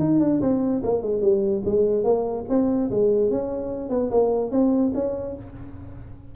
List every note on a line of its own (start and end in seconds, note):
0.00 0.20 D#4
0.20 0.41 D4
0.41 0.82 C4
0.84 1.03 A#3
1.03 1.22 G#3
1.22 1.63 G3
1.66 2.04 G#3
2.04 2.45 A#3
2.49 2.90 C4
2.91 3.31 G#3
3.31 3.90 C#4
3.90 4.11 B3
4.11 4.52 A#3
4.52 4.93 C4
4.95 5.36 C#4